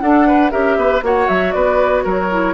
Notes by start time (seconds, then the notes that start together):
0.00 D4 A4 F#5
0.27 B4
0.51 C#4 G4 A#4 E5
0.77 B3 B4
1.02 A#3 F#4 C#5 F#5
1.28 F#3 E5
1.52 B3 B4 D5
2.04 F#3 A#4 C#5
2.31 E4